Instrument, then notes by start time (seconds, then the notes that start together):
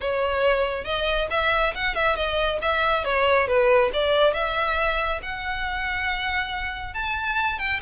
violin
0.00 C#5
0.84 D#5
1.30 E5
1.74 F#5
1.94 E5
2.15 D#5
2.61 E5
3.04 C#5
3.47 B4
3.93 D5
4.33 E5
5.22 F#5
6.94 A5
7.58 G5